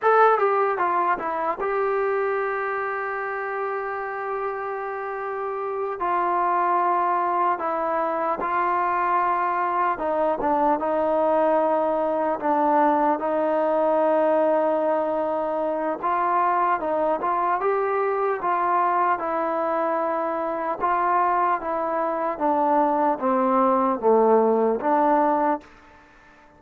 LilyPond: \new Staff \with { instrumentName = "trombone" } { \time 4/4 \tempo 4 = 75 a'8 g'8 f'8 e'8 g'2~ | g'2.~ g'8 f'8~ | f'4. e'4 f'4.~ | f'8 dis'8 d'8 dis'2 d'8~ |
d'8 dis'2.~ dis'8 | f'4 dis'8 f'8 g'4 f'4 | e'2 f'4 e'4 | d'4 c'4 a4 d'4 | }